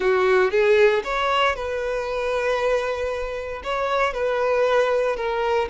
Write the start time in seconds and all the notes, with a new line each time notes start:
0.00 F#4
0.51 G#4
1.04 C#5
1.55 B4
3.63 C#5
4.13 B4
5.16 A#4